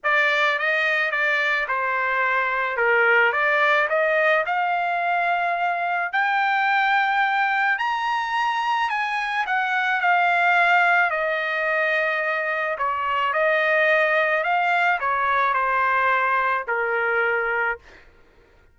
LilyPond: \new Staff \with { instrumentName = "trumpet" } { \time 4/4 \tempo 4 = 108 d''4 dis''4 d''4 c''4~ | c''4 ais'4 d''4 dis''4 | f''2. g''4~ | g''2 ais''2 |
gis''4 fis''4 f''2 | dis''2. cis''4 | dis''2 f''4 cis''4 | c''2 ais'2 | }